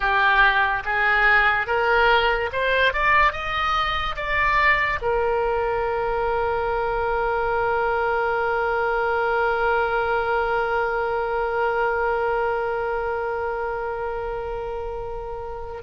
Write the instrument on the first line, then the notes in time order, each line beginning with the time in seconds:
oboe
0.00 G4
0.84 G#4
1.66 A#4
2.52 C5
2.93 D5
3.32 D#5
4.16 D5
5.02 A#4